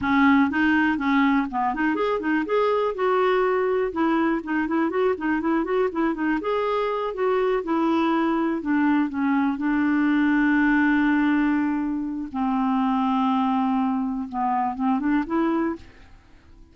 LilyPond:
\new Staff \with { instrumentName = "clarinet" } { \time 4/4 \tempo 4 = 122 cis'4 dis'4 cis'4 b8 dis'8 | gis'8 dis'8 gis'4 fis'2 | e'4 dis'8 e'8 fis'8 dis'8 e'8 fis'8 | e'8 dis'8 gis'4. fis'4 e'8~ |
e'4. d'4 cis'4 d'8~ | d'1~ | d'4 c'2.~ | c'4 b4 c'8 d'8 e'4 | }